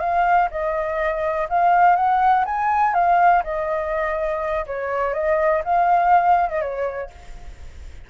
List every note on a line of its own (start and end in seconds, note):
0.00 0.49 F5
0.51 1.48 D#5
1.49 1.96 F5
1.96 2.45 F#5
2.45 2.94 G#5
2.94 3.43 F5
3.44 4.66 D#5
4.67 5.14 C#5
5.14 5.63 D#5
5.65 6.49 F5
6.49 6.61 D#5
6.61 7.10 C#5